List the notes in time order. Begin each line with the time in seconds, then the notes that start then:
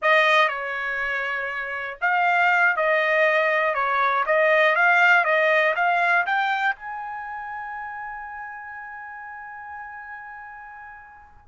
0.02 D#5
0.48 C#5
2.01 F5
2.76 D#5
3.74 C#5
4.26 D#5
4.75 F5
5.24 D#5
5.75 F5
6.26 G5
6.75 G#5